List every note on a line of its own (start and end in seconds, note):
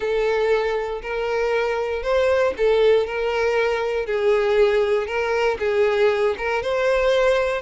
0.00 1.01 A4
1.01 2.02 A#4
2.02 2.53 C5
2.57 3.06 A4
3.06 4.06 A#4
4.06 5.06 G#4
5.06 5.57 A#4
5.59 6.35 G#4
6.37 6.62 A#4
6.62 7.61 C5